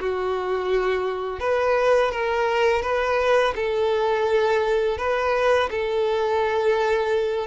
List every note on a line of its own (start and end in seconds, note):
0.00 1.40 F#4
1.40 2.11 B4
2.11 2.82 A#4
2.82 3.54 B4
3.55 4.98 A4
4.98 5.69 B4
5.70 7.47 A4